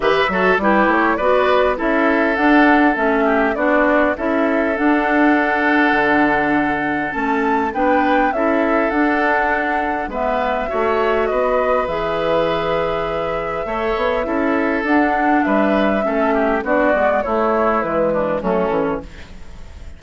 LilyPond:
<<
  \new Staff \with { instrumentName = "flute" } { \time 4/4 \tempo 4 = 101 e''4 b'8 cis''8 d''4 e''4 | fis''4 e''4 d''4 e''4 | fis''1 | a''4 g''4 e''4 fis''4~ |
fis''4 e''2 dis''4 | e''1~ | e''4 fis''4 e''2 | d''4 cis''4 b'4 a'4 | }
  \new Staff \with { instrumentName = "oboe" } { \time 4/4 b'8 a'8 g'4 b'4 a'4~ | a'4. g'8 fis'4 a'4~ | a'1~ | a'4 b'4 a'2~ |
a'4 b'4 cis''4 b'4~ | b'2. cis''4 | a'2 b'4 a'8 g'8 | fis'4 e'4. d'8 cis'4 | }
  \new Staff \with { instrumentName = "clarinet" } { \time 4/4 g'8 fis'8 e'4 fis'4 e'4 | d'4 cis'4 d'4 e'4 | d'1 | cis'4 d'4 e'4 d'4~ |
d'4 b4 fis'2 | gis'2. a'4 | e'4 d'2 cis'4 | d'8 b8 a4 gis4 a8 cis'8 | }
  \new Staff \with { instrumentName = "bassoon" } { \time 4/4 e8 fis8 g8 a8 b4 cis'4 | d'4 a4 b4 cis'4 | d'2 d2 | a4 b4 cis'4 d'4~ |
d'4 gis4 a4 b4 | e2. a8 b8 | cis'4 d'4 g4 a4 | b8 gis8 a4 e4 fis8 e8 | }
>>